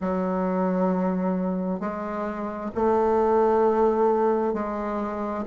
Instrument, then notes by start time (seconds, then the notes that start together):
bassoon
0.00 F#3
1.79 G#3
2.74 A3
4.53 G#3